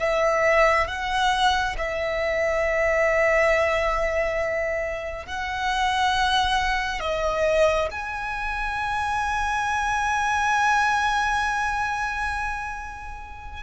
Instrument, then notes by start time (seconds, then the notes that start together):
violin
0.00 E5
0.88 F#5
1.78 E5
5.27 F#5
7.01 D#5
7.91 G#5